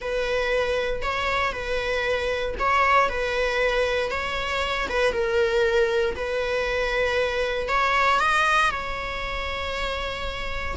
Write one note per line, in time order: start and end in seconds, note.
0.01 1.02 B4
1.02 1.52 C#5
1.52 2.54 B4
2.59 3.09 C#5
3.09 4.10 B4
4.10 4.87 C#5
4.89 5.12 B4
5.12 6.15 A#4
6.15 7.68 B4
7.68 8.19 C#5
8.19 8.70 D#5
8.70 10.76 C#5